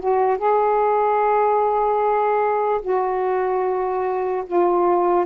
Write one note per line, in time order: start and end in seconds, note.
0.00 0.38 F#4
0.38 2.81 G#4
2.82 4.44 F#4
4.47 5.26 F4